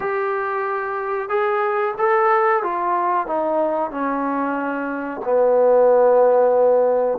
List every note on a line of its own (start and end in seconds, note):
0.00 1.29 G4
1.29 1.94 G#4
1.98 2.63 A4
2.63 3.26 F4
3.26 3.90 D#4
3.90 5.21 C#4
5.24 7.18 B3